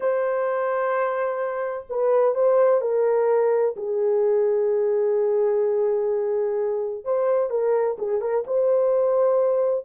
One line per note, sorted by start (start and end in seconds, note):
0.00 1.86 C5
1.89 2.34 B4
2.34 2.81 C5
2.81 3.75 A#4
3.76 7.04 G#4
7.04 7.50 C5
7.50 7.97 A#4
7.98 8.21 G#4
8.21 8.44 A#4
8.46 9.85 C5